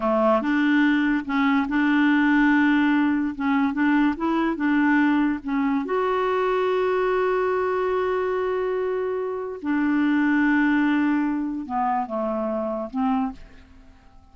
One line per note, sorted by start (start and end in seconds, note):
0.00 0.41 A3
0.41 1.25 D4
1.25 1.66 C#4
1.68 3.34 D4
3.35 3.73 C#4
3.73 4.15 D4
4.17 4.56 E4
4.56 5.39 D4
5.43 5.85 C#4
5.85 9.60 F#4
9.62 11.66 D4
11.66 12.06 B3
12.06 12.90 A3
12.90 13.32 C4